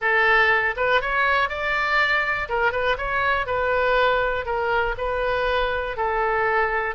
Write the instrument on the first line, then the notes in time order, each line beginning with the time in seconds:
oboe
0.01 A4
0.76 B4
1.01 C#5
1.49 D5
2.48 A#4
2.72 B4
2.97 C#5
3.46 B4
4.45 A#4
4.97 B4
5.96 A4